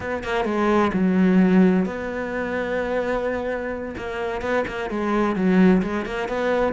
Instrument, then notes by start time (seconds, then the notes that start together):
cello
0.00 B3
0.23 A#3
0.44 G#3
0.93 F#3
1.85 B3
3.97 A#3
4.41 B3
4.67 A#3
4.90 G#3
5.35 F#3
5.82 G#3
6.05 A#3
6.28 B3